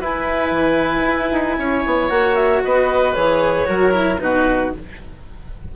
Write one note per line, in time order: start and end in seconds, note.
0.00 0.51 E4
0.00 2.09 E4
0.00 1.57 B4
0.00 2.10 G#5
0.51 1.03 E3
1.06 1.32 E4
1.32 1.58 D#4
1.58 1.84 C#4
1.58 2.64 C#5
1.86 2.10 B3
2.09 2.62 A#3
2.09 3.14 F#4
2.09 2.35 F#5
2.35 2.61 E5
2.64 3.17 B3
2.64 3.68 B4
2.64 3.15 D#5
3.15 3.69 E3
3.15 3.66 G#4
3.15 4.19 C#5
3.66 4.21 F#3
3.66 3.92 F#4
3.66 4.21 A#4
3.92 4.18 E4
4.20 4.73 B2
4.20 4.73 D#4
4.20 4.76 F#4
4.20 4.72 B4